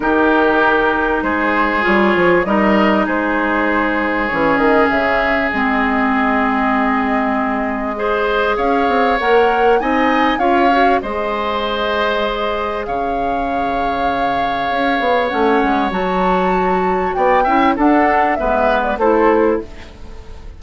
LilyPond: <<
  \new Staff \with { instrumentName = "flute" } { \time 4/4 \tempo 4 = 98 ais'2 c''4 cis''4 | dis''4 c''2 cis''8 dis''8 | e''4 dis''2.~ | dis''2 f''4 fis''4 |
gis''4 f''4 dis''2~ | dis''4 f''2.~ | f''4 fis''4 a''2 | g''4 fis''4 e''8. d''16 c''4 | }
  \new Staff \with { instrumentName = "oboe" } { \time 4/4 g'2 gis'2 | ais'4 gis'2.~ | gis'1~ | gis'4 c''4 cis''2 |
dis''4 cis''4 c''2~ | c''4 cis''2.~ | cis''1 | d''8 e''8 a'4 b'4 a'4 | }
  \new Staff \with { instrumentName = "clarinet" } { \time 4/4 dis'2. f'4 | dis'2. cis'4~ | cis'4 c'2.~ | c'4 gis'2 ais'4 |
dis'4 f'8 fis'8 gis'2~ | gis'1~ | gis'4 cis'4 fis'2~ | fis'8 e'8 d'4 b4 e'4 | }
  \new Staff \with { instrumentName = "bassoon" } { \time 4/4 dis2 gis4 g8 f8 | g4 gis2 e8 dis8 | cis4 gis2.~ | gis2 cis'8 c'8 ais4 |
c'4 cis'4 gis2~ | gis4 cis2. | cis'8 b8 a8 gis8 fis2 | b8 cis'8 d'4 gis4 a4 | }
>>